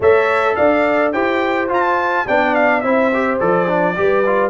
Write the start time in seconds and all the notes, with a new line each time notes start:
0.00 A3 A4 C#5 E5
0.55 D4 D5 F5
1.12 E4 G4 C5 G5
1.69 F4 A5
2.26 B3 D4 D5 G5
2.54 F5
2.81 C4 E4 C5 E5
3.13 G4
3.40 F3 A4 D5
3.67 D4
3.96 G3 G4 B4
4.26 F4